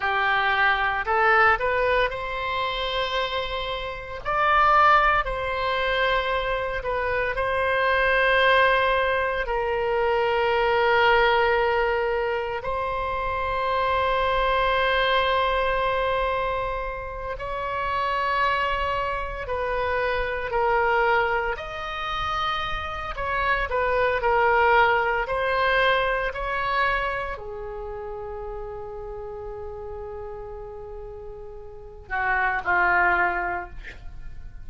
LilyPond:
\new Staff \with { instrumentName = "oboe" } { \time 4/4 \tempo 4 = 57 g'4 a'8 b'8 c''2 | d''4 c''4. b'8 c''4~ | c''4 ais'2. | c''1~ |
c''8 cis''2 b'4 ais'8~ | ais'8 dis''4. cis''8 b'8 ais'4 | c''4 cis''4 gis'2~ | gis'2~ gis'8 fis'8 f'4 | }